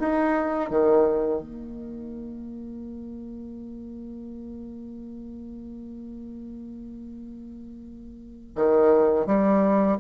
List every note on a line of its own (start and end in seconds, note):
0.00 0.70 D#4
0.70 1.42 D#3
1.42 8.56 A#3
8.56 9.27 D#3
9.27 9.98 G3